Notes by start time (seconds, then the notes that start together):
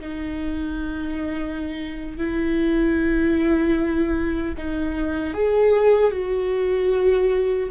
0.00 D#4
2.17 E4
4.57 D#4
5.34 G#4
6.11 F#4